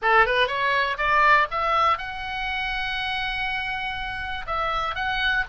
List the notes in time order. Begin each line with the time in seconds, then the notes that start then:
0.01 A4
0.25 B4
0.47 C#5
0.97 D5
1.50 E5
1.97 F#5
4.46 E5
4.95 F#5